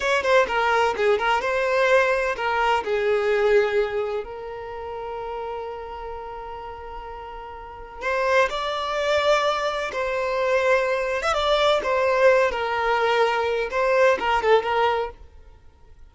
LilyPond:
\new Staff \with { instrumentName = "violin" } { \time 4/4 \tempo 4 = 127 cis''8 c''8 ais'4 gis'8 ais'8 c''4~ | c''4 ais'4 gis'2~ | gis'4 ais'2.~ | ais'1~ |
ais'4 c''4 d''2~ | d''4 c''2~ c''8. e''16 | d''4 c''4. ais'4.~ | ais'4 c''4 ais'8 a'8 ais'4 | }